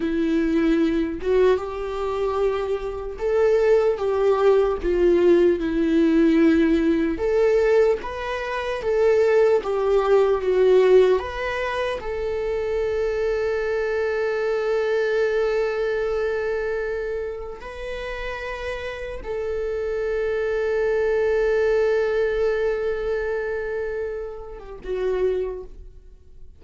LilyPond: \new Staff \with { instrumentName = "viola" } { \time 4/4 \tempo 4 = 75 e'4. fis'8 g'2 | a'4 g'4 f'4 e'4~ | e'4 a'4 b'4 a'4 | g'4 fis'4 b'4 a'4~ |
a'1~ | a'2 b'2 | a'1~ | a'2~ a'8. g'16 fis'4 | }